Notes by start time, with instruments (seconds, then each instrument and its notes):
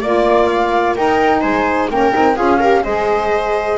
0.00 double bass A#3, saxophone F4, viola D5, flute D5
0.47 flute F5
0.96 saxophone D#4, double bass D#4, viola A#4, flute G5
1.41 double bass G#3, viola C5, flute G#5
1.90 double bass A#3, saxophone C#4, viola A#4, flute G5
2.12 double bass C4, saxophone D#4
2.36 double bass C#4, saxophone F4, viola G#4, flute F5
2.59 saxophone G4, viola A#4
2.84 double bass G#3, saxophone G#4, viola C5, flute D#5